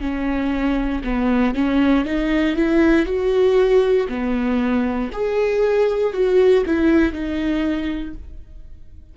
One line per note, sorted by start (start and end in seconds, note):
0.00 1.02 C#4
1.04 1.54 B3
1.54 2.05 C#4
2.05 2.56 D#4
2.56 3.06 E4
3.06 4.07 F#4
4.08 5.10 B3
5.12 6.13 G#4
6.13 6.64 F#4
6.66 7.12 E4
7.12 8.14 D#4